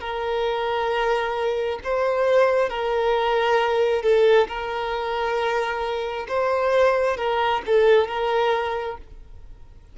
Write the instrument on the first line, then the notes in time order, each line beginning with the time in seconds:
violin
0.00 A#4
1.84 C5
2.69 A#4
4.03 A4
4.48 A#4
6.28 C5
7.17 A#4
7.66 A4
8.08 A#4